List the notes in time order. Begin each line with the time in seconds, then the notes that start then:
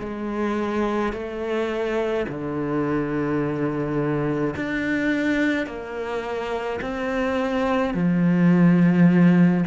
0.00 G#3
1.13 A3
2.29 D3
4.56 D4
5.67 A#3
6.82 C4
7.95 F3